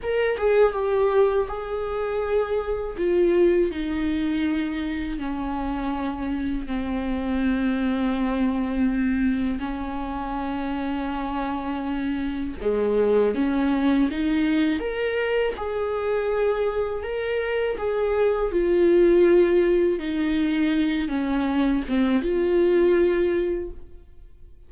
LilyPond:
\new Staff \with { instrumentName = "viola" } { \time 4/4 \tempo 4 = 81 ais'8 gis'8 g'4 gis'2 | f'4 dis'2 cis'4~ | cis'4 c'2.~ | c'4 cis'2.~ |
cis'4 gis4 cis'4 dis'4 | ais'4 gis'2 ais'4 | gis'4 f'2 dis'4~ | dis'8 cis'4 c'8 f'2 | }